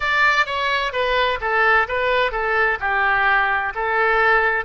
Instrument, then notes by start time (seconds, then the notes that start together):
oboe
0.00 D5
0.45 C#5
0.92 B4
1.40 A4
1.87 B4
2.31 A4
2.80 G4
3.74 A4